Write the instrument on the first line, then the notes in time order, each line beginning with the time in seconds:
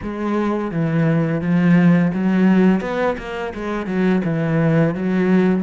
cello
0.02 G#3
0.71 E3
1.41 F3
2.14 F#3
2.80 B3
3.18 A#3
3.54 G#3
3.86 F#3
4.24 E3
4.94 F#3